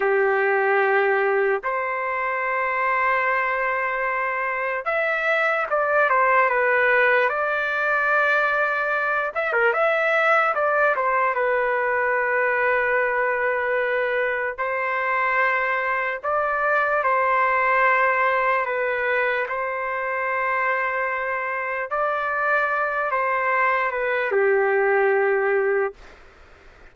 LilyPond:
\new Staff \with { instrumentName = "trumpet" } { \time 4/4 \tempo 4 = 74 g'2 c''2~ | c''2 e''4 d''8 c''8 | b'4 d''2~ d''8 e''16 ais'16 | e''4 d''8 c''8 b'2~ |
b'2 c''2 | d''4 c''2 b'4 | c''2. d''4~ | d''8 c''4 b'8 g'2 | }